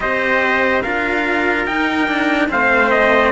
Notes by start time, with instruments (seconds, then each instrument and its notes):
0.00 cello C4 G4, trumpet C5 D#5
0.82 cello D4 F4, trumpet A#4 F5
1.65 cello D#4, trumpet G5
2.07 cello D4
2.48 cello A3 C4, trumpet C5 F5
2.90 trumpet D#5